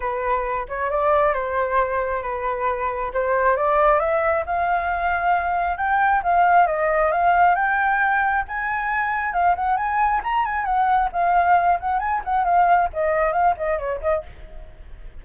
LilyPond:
\new Staff \with { instrumentName = "flute" } { \time 4/4 \tempo 4 = 135 b'4. cis''8 d''4 c''4~ | c''4 b'2 c''4 | d''4 e''4 f''2~ | f''4 g''4 f''4 dis''4 |
f''4 g''2 gis''4~ | gis''4 f''8 fis''8 gis''4 ais''8 gis''8 | fis''4 f''4. fis''8 gis''8 fis''8 | f''4 dis''4 f''8 dis''8 cis''8 dis''8 | }